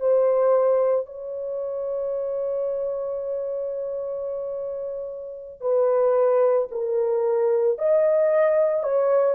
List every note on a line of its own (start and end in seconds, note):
0.00 1.06 C5
1.06 5.61 C#5
5.61 6.68 B4
6.71 7.78 A#4
7.78 8.83 D#5
8.83 9.35 C#5